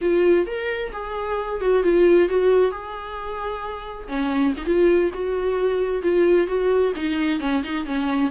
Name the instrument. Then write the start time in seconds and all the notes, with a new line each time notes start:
viola
0.01 F4
0.46 A#4
0.92 G#4
1.60 F#4
1.83 F4
2.29 F#4
2.71 G#4
4.08 C#4
4.57 D#4
4.65 F4
5.13 F#4
6.02 F4
6.47 F#4
6.95 D#4
7.40 C#4
7.63 D#4
7.85 C#4